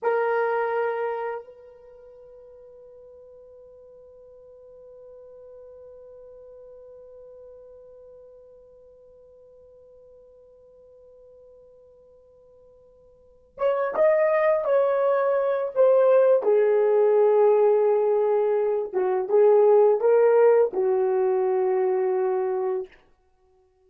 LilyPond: \new Staff \with { instrumentName = "horn" } { \time 4/4 \tempo 4 = 84 ais'2 b'2~ | b'1~ | b'1~ | b'1~ |
b'2. cis''8 dis''8~ | dis''8 cis''4. c''4 gis'4~ | gis'2~ gis'8 fis'8 gis'4 | ais'4 fis'2. | }